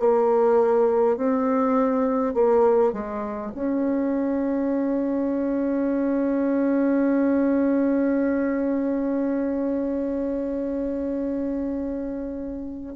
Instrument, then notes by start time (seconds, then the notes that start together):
bassoon
0.00 A#3
1.17 C4
2.34 A#3
2.93 G#3
3.55 C#4